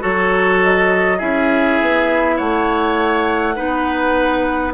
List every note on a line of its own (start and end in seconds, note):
0.00 1.21 F#3
0.00 1.18 F#4
0.00 1.18 A4
0.00 0.62 C#5
0.62 1.20 D#5
1.18 1.80 C#4
1.18 3.54 E4
1.18 2.36 G#4
1.18 2.37 E5
1.81 2.40 B3
2.37 3.58 A3
2.37 3.54 C#5
2.37 4.73 F#5
3.55 4.74 B3
3.55 4.73 D#4
3.55 4.73 B4